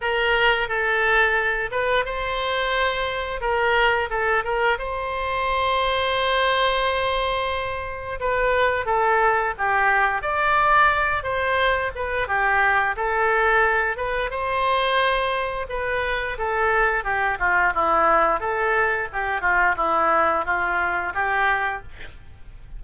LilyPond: \new Staff \with { instrumentName = "oboe" } { \time 4/4 \tempo 4 = 88 ais'4 a'4. b'8 c''4~ | c''4 ais'4 a'8 ais'8 c''4~ | c''1 | b'4 a'4 g'4 d''4~ |
d''8 c''4 b'8 g'4 a'4~ | a'8 b'8 c''2 b'4 | a'4 g'8 f'8 e'4 a'4 | g'8 f'8 e'4 f'4 g'4 | }